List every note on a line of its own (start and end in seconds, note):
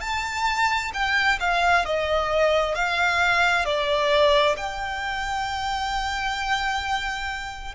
0.00 0.91 A5
0.93 1.38 G5
1.40 1.85 F5
1.85 2.74 D#5
2.74 3.65 F5
3.65 4.56 D5
4.57 7.75 G5